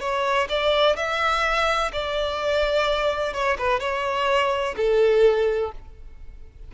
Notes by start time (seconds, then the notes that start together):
0.00 C#5
0.49 D5
0.96 E5
1.93 D5
3.33 C#5
3.58 B4
3.80 C#5
4.77 A4